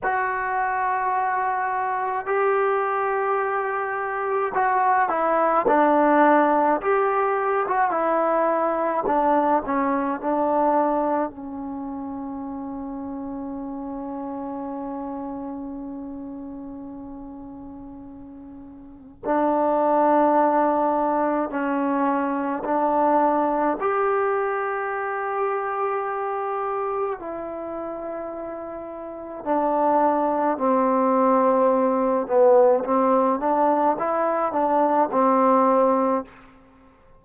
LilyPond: \new Staff \with { instrumentName = "trombone" } { \time 4/4 \tempo 4 = 53 fis'2 g'2 | fis'8 e'8 d'4 g'8. fis'16 e'4 | d'8 cis'8 d'4 cis'2~ | cis'1~ |
cis'4 d'2 cis'4 | d'4 g'2. | e'2 d'4 c'4~ | c'8 b8 c'8 d'8 e'8 d'8 c'4 | }